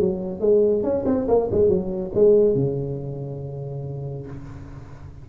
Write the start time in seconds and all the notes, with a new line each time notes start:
0.00 F#3
0.41 G#3
0.83 C#4
1.06 C4
1.28 A#3
1.51 G#3
1.69 F#3
2.15 G#3
2.55 C#3